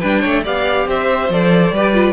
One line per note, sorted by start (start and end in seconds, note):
0.00 0.24 G3
0.00 0.45 D4
0.00 0.20 B4
0.00 0.43 G5
0.20 0.47 A3
0.20 0.42 C#5
0.44 0.87 B3
0.44 1.30 G4
0.44 0.87 D5
0.44 0.89 F5
0.87 1.29 C4
0.87 1.74 C5
0.87 1.32 E5
1.29 1.72 F3
1.29 1.75 A4
1.29 2.13 D5
1.72 2.13 G3
1.72 1.94 G4
1.72 2.13 B4
1.94 2.13 F4